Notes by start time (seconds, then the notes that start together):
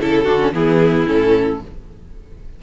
0.00 C#3 E4 A4
0.24 D3 D4 F#4
0.39 C#4
0.53 E3 B3 E4 G#4
1.06 A2 C#4 A4